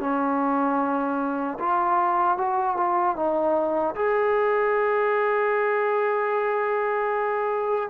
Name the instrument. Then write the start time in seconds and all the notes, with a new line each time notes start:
trombone
0.00 C#4
1.59 F4
2.38 F#4
2.77 F4
3.16 D#4
3.95 G#4